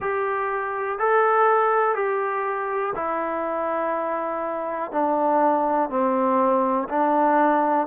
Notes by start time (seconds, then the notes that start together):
0.00 G4
0.98 A4
1.95 G4
2.95 E4
4.91 D4
5.89 C4
6.89 D4